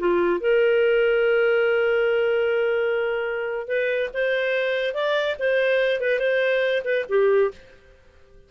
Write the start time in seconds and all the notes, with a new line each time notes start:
0.00 F4
0.41 A#4
3.68 B4
4.14 C5
4.94 D5
5.40 C5
6.01 B4
6.20 C5
6.85 B4
7.09 G4